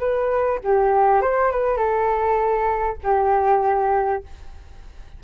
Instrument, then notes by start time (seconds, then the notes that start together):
flute
0.00 B4
0.64 G4
1.22 C5
1.52 B4
1.78 A4
3.04 G4